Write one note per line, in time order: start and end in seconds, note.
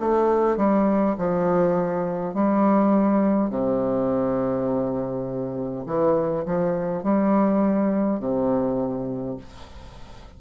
0.00 0.57 A3
0.57 1.16 G3
1.18 2.34 F3
2.34 3.50 G3
3.50 5.86 C3
5.86 6.45 E3
6.45 7.03 F3
7.03 8.19 G3
8.19 9.37 C3